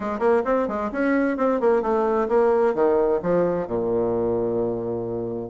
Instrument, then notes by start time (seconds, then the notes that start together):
bassoon
0.00 G#3
0.19 A#3
0.45 C4
0.68 G#3
0.92 C#4
1.37 C4
1.60 A#3
1.82 A3
2.28 A#3
2.74 D#3
3.22 F3
3.67 A#2